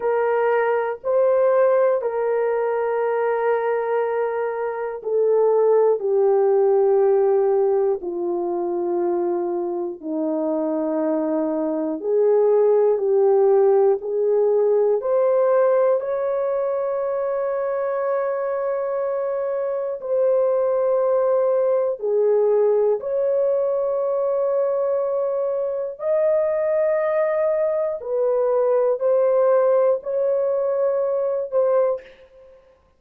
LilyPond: \new Staff \with { instrumentName = "horn" } { \time 4/4 \tempo 4 = 60 ais'4 c''4 ais'2~ | ais'4 a'4 g'2 | f'2 dis'2 | gis'4 g'4 gis'4 c''4 |
cis''1 | c''2 gis'4 cis''4~ | cis''2 dis''2 | b'4 c''4 cis''4. c''8 | }